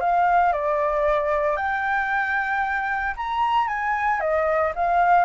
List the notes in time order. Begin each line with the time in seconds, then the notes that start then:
0.00 F5
0.52 D5
1.56 G5
3.17 A#5
3.67 G#5
4.20 D#5
4.75 F5